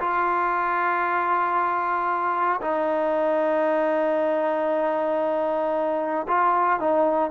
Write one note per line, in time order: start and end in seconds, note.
0.00 2.61 F4
2.62 6.27 D#4
6.28 6.80 F4
6.80 7.31 D#4